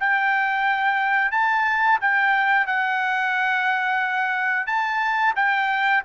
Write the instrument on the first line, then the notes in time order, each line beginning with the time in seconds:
trumpet
0.00 G5
1.31 A5
2.01 G5
2.67 F#5
4.66 A5
5.36 G5